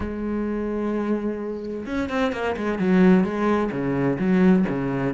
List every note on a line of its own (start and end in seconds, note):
0.00 1.85 G#3
1.86 2.09 C#4
2.09 2.32 C4
2.32 2.55 A#3
2.57 2.78 G#3
2.78 3.24 F#3
3.24 3.70 G#3
3.71 4.18 C#3
4.18 4.65 F#3
4.68 5.14 C#3